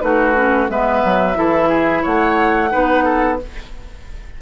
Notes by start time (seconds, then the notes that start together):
0.00 A3 D#4 F#4 B4
0.35 C#4
0.69 G#3 B3 B4 E5
1.04 F#3
1.34 E3 E4 A4
1.69 G#4
2.02 A3 C#5 F#5
2.70 B3 D#4 B4
3.04 A4